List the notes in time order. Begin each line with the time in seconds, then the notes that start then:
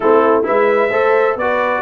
0.00 A3 C4 E4 A4
0.43 G#3 E4 B4 E5
0.90 A3 A4 C5
1.35 B3 F#4 B4 D5